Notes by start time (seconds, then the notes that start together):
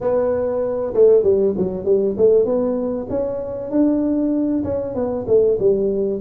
0.01 B3
0.94 A3
1.23 G3
1.57 F#3
1.84 G3
2.16 A3
2.45 B3
3.09 C#4
3.70 D4
4.63 C#4
4.94 B3
5.27 A3
5.59 G3